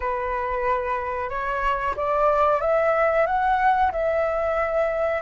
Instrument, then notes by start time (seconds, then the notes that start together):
flute
0.00 B4
1.29 C#5
1.96 D5
2.61 E5
3.26 F#5
3.91 E5